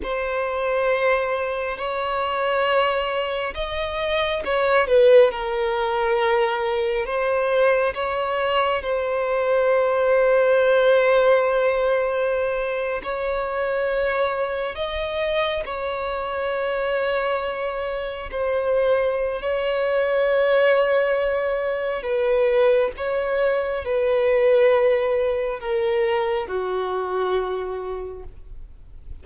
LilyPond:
\new Staff \with { instrumentName = "violin" } { \time 4/4 \tempo 4 = 68 c''2 cis''2 | dis''4 cis''8 b'8 ais'2 | c''4 cis''4 c''2~ | c''2~ c''8. cis''4~ cis''16~ |
cis''8. dis''4 cis''2~ cis''16~ | cis''8. c''4~ c''16 cis''2~ | cis''4 b'4 cis''4 b'4~ | b'4 ais'4 fis'2 | }